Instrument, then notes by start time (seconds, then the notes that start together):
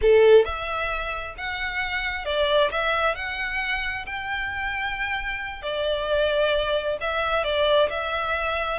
violin
0.01 A4
0.44 E5
1.37 F#5
2.25 D5
2.71 E5
3.15 F#5
4.06 G5
5.62 D5
7.00 E5
7.44 D5
7.89 E5